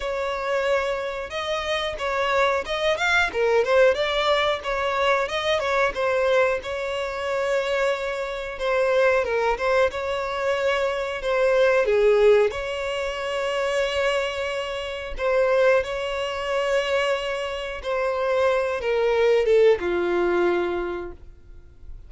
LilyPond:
\new Staff \with { instrumentName = "violin" } { \time 4/4 \tempo 4 = 91 cis''2 dis''4 cis''4 | dis''8 f''8 ais'8 c''8 d''4 cis''4 | dis''8 cis''8 c''4 cis''2~ | cis''4 c''4 ais'8 c''8 cis''4~ |
cis''4 c''4 gis'4 cis''4~ | cis''2. c''4 | cis''2. c''4~ | c''8 ais'4 a'8 f'2 | }